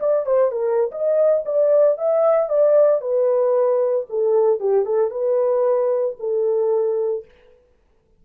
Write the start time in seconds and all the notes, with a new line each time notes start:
0.00 D5
0.26 C5
0.51 A#4
0.91 D#5
1.45 D5
1.98 E5
2.49 D5
3.01 B4
4.10 A4
4.60 G4
4.85 A4
5.11 B4
6.20 A4